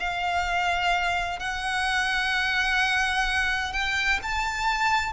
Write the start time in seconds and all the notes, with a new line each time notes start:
0.00 F5
1.39 F#5
3.73 G5
4.23 A5